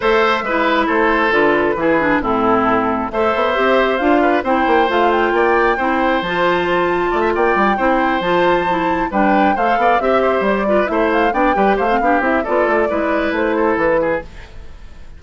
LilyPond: <<
  \new Staff \with { instrumentName = "flute" } { \time 4/4 \tempo 4 = 135 e''2 c''4 b'4~ | b'4 a'2 e''4~ | e''4 f''4 g''4 f''8 g''8~ | g''2 a''2~ |
a''8 g''2 a''4.~ | a''8 g''4 f''4 e''4 d''8~ | d''8 e''8 f''8 g''4 f''4 e''8 | d''2 c''4 b'4 | }
  \new Staff \with { instrumentName = "oboe" } { \time 4/4 c''4 b'4 a'2 | gis'4 e'2 c''4~ | c''4. b'8 c''2 | d''4 c''2. |
d''16 e''16 d''4 c''2~ c''8~ | c''8 b'4 c''8 d''8 e''8 c''4 | b'8 c''4 d''8 b'8 c''8 g'4 | a'4 b'4. a'4 gis'8 | }
  \new Staff \with { instrumentName = "clarinet" } { \time 4/4 a'4 e'2 f'4 | e'8 d'8 c'2 a'4 | g'4 f'4 e'4 f'4~ | f'4 e'4 f'2~ |
f'4. e'4 f'4 e'8~ | e'8 d'4 a'4 g'4. | f'8 e'4 d'8 g'8. c'16 d'8 e'8 | f'4 e'2. | }
  \new Staff \with { instrumentName = "bassoon" } { \time 4/4 a4 gis4 a4 d4 | e4 a,2 a8 b8 | c'4 d'4 c'8 ais8 a4 | ais4 c'4 f2 |
a8 ais8 g8 c'4 f4.~ | f8 g4 a8 b8 c'4 g8~ | g8 a4 b8 g8 a8 b8 c'8 | b8 a8 gis4 a4 e4 | }
>>